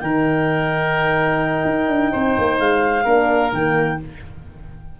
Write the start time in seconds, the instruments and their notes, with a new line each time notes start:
0.00 tuba D#3, horn D#4, oboe A#4, clarinet G5
1.64 tuba D#4
1.88 tuba D4
2.12 tuba C4, oboe C5
2.38 tuba A#3
2.58 tuba G#3, clarinet F5
3.04 tuba A#3, horn D4, oboe A#4
3.53 tuba D#3, horn A#3, clarinet G5